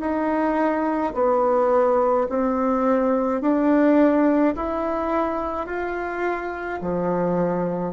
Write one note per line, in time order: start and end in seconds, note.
0.00 1.13 D#4
1.14 2.27 B3
2.29 3.41 C4
3.41 4.54 D4
4.55 5.66 E4
5.66 6.79 F4
6.81 7.93 F3